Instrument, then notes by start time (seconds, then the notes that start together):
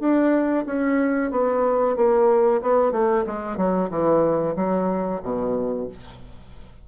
bassoon
0.00 D4
0.66 C#4
1.32 B3
1.96 A#3
2.62 B3
2.92 A3
3.27 G#3
3.58 F#3
3.90 E3
4.56 F#3
5.23 B2